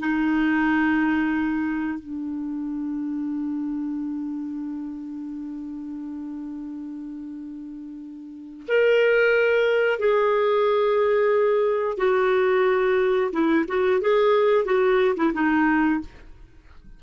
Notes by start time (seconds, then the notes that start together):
0.00 D#4
2.00 D4
8.68 A#4
9.99 G#4
11.98 F#4
13.32 E4
13.68 F#4
14.02 G#4
14.65 F#4
15.17 E4
15.34 D#4